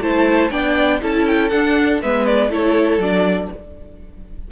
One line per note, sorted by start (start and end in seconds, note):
0.00 0.50 A3
0.00 0.51 E4
0.00 0.50 C5
0.00 0.50 A5
0.50 1.01 B3
0.50 1.00 D4
0.50 1.00 D5
0.50 1.00 G5
1.00 1.52 C#4
1.00 1.50 E4
1.00 2.02 A4
1.00 1.27 A5
1.27 1.49 G5
1.49 2.01 D4
1.49 2.02 D4
1.49 1.99 F#5
2.02 2.49 G#3
2.02 2.49 B3
2.02 2.51 B4
2.02 2.26 E5
2.26 2.51 D5
2.49 2.98 A3
2.49 2.99 E4
2.49 3.51 A4
2.49 3.01 C#5
2.98 3.48 F#3
2.98 3.51 D4
2.98 3.51 D5